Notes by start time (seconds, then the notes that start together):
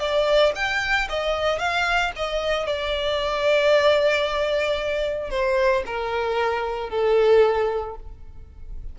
0.00 D5
0.56 G5
1.09 D#5
1.59 F5
2.16 D#5
2.67 D5
5.30 C5
5.86 A#4
6.90 A4